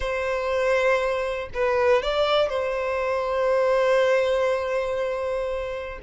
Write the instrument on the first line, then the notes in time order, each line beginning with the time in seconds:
violin
0.00 C5
1.54 B4
2.02 D5
2.49 C5